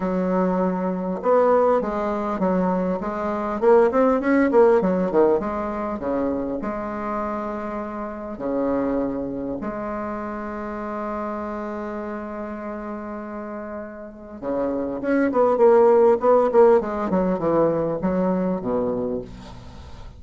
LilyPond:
\new Staff \with { instrumentName = "bassoon" } { \time 4/4 \tempo 4 = 100 fis2 b4 gis4 | fis4 gis4 ais8 c'8 cis'8 ais8 | fis8 dis8 gis4 cis4 gis4~ | gis2 cis2 |
gis1~ | gis1 | cis4 cis'8 b8 ais4 b8 ais8 | gis8 fis8 e4 fis4 b,4 | }